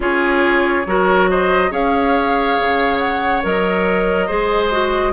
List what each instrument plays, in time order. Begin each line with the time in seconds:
0.00 bassoon C#4, clarinet F4, oboe G#4, flute C#5
0.86 bassoon F#3, clarinet F#4, oboe A#4
1.30 oboe C5, flute D#5
1.69 bassoon C#4, clarinet G#4, oboe C#5, flute F5
2.59 bassoon C#3
2.98 flute F#5
3.42 bassoon F#3, clarinet A#4, flute D#5
4.26 bassoon G#3, clarinet G#4, oboe C5
4.71 clarinet F#4